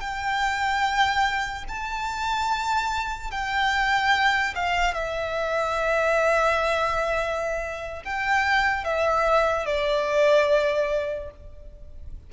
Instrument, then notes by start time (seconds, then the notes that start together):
violin
0.00 G5
1.68 A5
3.31 G5
4.55 F5
4.95 E5
8.05 G5
8.84 E5
9.66 D5